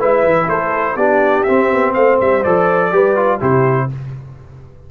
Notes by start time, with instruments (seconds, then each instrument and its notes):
0.00 tuba G#3, trombone E4, horn B4, trumpet E5
0.24 tuba E3
0.48 tuba A3, horn A4, trumpet C5
0.96 tuba B3, trombone D4, horn G4, trumpet D5
1.44 trombone C4, tuba C4, trumpet E5
1.73 tuba B3
1.94 tuba A3, horn C5, trumpet F5
2.21 tuba G3, trumpet E5
2.44 tuba F3, trombone A4, trumpet D5
2.92 tuba G3, trombone G4, horn B4
3.16 trombone F4
3.40 tuba C3, trombone E4, horn G4, trumpet C5